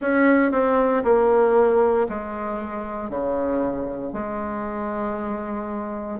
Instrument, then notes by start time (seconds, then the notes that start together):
bassoon
0.00 C#4
0.51 C4
1.03 A#3
2.08 G#3
3.09 C#3
4.12 G#3